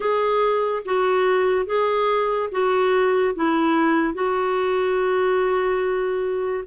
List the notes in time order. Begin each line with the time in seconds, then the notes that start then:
0.00 G#4
0.85 F#4
1.66 G#4
2.51 F#4
3.35 E4
4.14 F#4